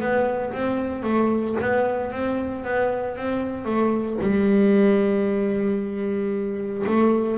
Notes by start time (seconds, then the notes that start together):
0.00 B3
0.53 C4
1.03 A3
1.61 B3
2.11 C4
2.64 B3
3.16 C4
3.65 A3
4.21 G3
6.86 A3